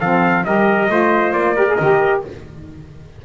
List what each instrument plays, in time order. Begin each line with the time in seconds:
0.00 double bass F3, saxophone C4, trumpet A4 F5
0.44 double bass G3, saxophone G4, trumpet A#4 D#5
0.89 double bass A3, saxophone F4, trumpet C5
1.32 double bass A#3, trumpet D5
1.56 saxophone G4, trumpet A#4
1.68 saxophone G#4
1.75 double bass D#3, saxophone G4, trumpet D#5